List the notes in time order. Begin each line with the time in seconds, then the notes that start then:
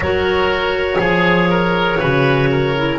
0.00 F#3 F#4 A#4 C#5
0.99 F3 G#4
1.50 A#4
1.99 C#3 F#4 B4
2.51 A#4
2.76 E4